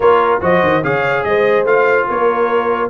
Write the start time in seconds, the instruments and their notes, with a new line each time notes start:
0.00 tuba A#3, trombone F4, horn A#4, trumpet C#5
0.40 tuba F3, trombone F#4, horn C5, trumpet D#5
0.63 tuba D#3
0.83 tuba C#3, trombone G#4, horn C#5, trumpet F5
1.23 tuba G#3, horn C5, trumpet D#5
1.63 tuba A3, trombone F4, trumpet F5
2.08 tuba A#3, horn A#4, trumpet C#5